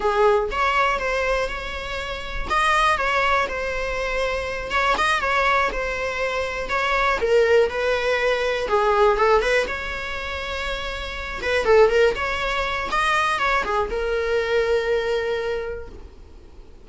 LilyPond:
\new Staff \with { instrumentName = "viola" } { \time 4/4 \tempo 4 = 121 gis'4 cis''4 c''4 cis''4~ | cis''4 dis''4 cis''4 c''4~ | c''4. cis''8 dis''8 cis''4 c''8~ | c''4. cis''4 ais'4 b'8~ |
b'4. gis'4 a'8 b'8 cis''8~ | cis''2. b'8 a'8 | ais'8 cis''4. dis''4 cis''8 gis'8 | ais'1 | }